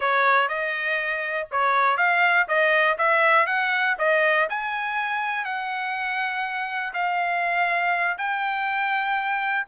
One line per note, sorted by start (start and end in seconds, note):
0.00 0.48 C#5
0.48 1.47 D#5
1.51 1.97 C#5
1.97 2.46 F5
2.48 2.97 D#5
2.98 3.46 E5
3.46 3.95 F#5
3.98 4.48 D#5
4.49 5.44 G#5
5.44 6.93 F#5
6.93 8.17 F5
8.18 9.66 G5